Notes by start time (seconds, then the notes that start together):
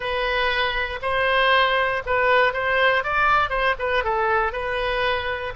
0.00 B4
1.02 C5
2.05 B4
2.53 C5
3.03 D5
3.49 C5
3.78 B4
4.04 A4
4.52 B4